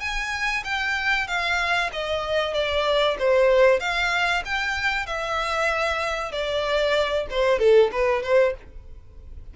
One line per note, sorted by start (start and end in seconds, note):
0.00 0.63 G#5
0.64 1.27 G5
1.27 1.90 F5
1.92 2.54 D#5
2.54 3.17 D5
3.19 3.80 C5
3.80 4.43 F5
4.45 5.06 G5
5.06 6.32 E5
6.32 7.26 D5
7.30 7.59 C5
7.59 7.91 A4
7.92 8.22 B4
8.22 8.54 C5